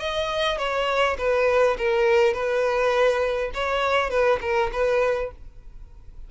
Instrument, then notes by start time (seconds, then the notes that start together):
violin
0.00 D#5
0.59 C#5
1.18 B4
1.79 A#4
2.34 B4
3.54 C#5
4.10 B4
4.41 A#4
4.73 B4